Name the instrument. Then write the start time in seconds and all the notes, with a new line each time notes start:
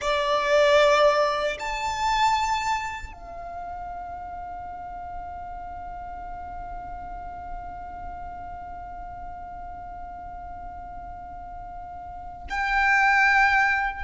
violin
0.01 D5
1.59 A5
3.12 F5
12.49 G5